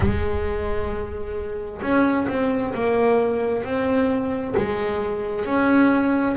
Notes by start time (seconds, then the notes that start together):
0.00 G#3
1.81 C#4
2.28 C4
2.74 A#3
3.64 C4
4.56 G#3
5.45 C#4